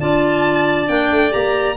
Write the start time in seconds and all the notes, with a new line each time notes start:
0.00 D4 F4 D5 A5
0.87 A#3 D4 G5
1.12 A3
1.31 A#3 G4 A#5